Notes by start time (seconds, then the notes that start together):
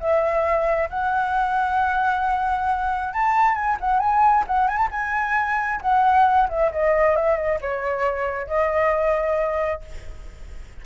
0.00 E5
0.90 F#5
3.13 A5
3.55 G#5
3.80 F#5
4.00 G#5
4.47 F#5
4.68 G#5
4.77 A5
4.91 G#5
5.81 F#5
6.49 E5
6.72 D#5
7.16 E5
7.37 D#5
7.61 C#5
8.47 D#5